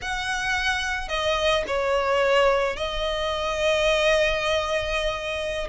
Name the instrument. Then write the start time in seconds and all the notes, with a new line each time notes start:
violin
0.01 F#5
1.08 D#5
1.67 C#5
2.76 D#5